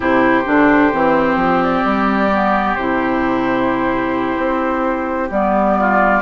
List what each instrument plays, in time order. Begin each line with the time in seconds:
0.00 bassoon C3, clarinet E4, oboe G4, flute C5
0.45 bassoon D3, clarinet D4
0.92 bassoon E3, clarinet C4
1.36 bassoon F3
1.63 flute D5
1.84 bassoon G3
2.32 clarinet B3
2.75 bassoon C3, clarinet E4, flute C5
4.36 bassoon C4
5.30 bassoon G3, clarinet B3, flute D5
5.79 oboe F4